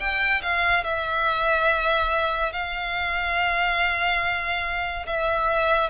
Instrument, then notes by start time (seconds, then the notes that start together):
violin
0.00 G5
0.43 F5
0.84 E5
2.53 F5
5.07 E5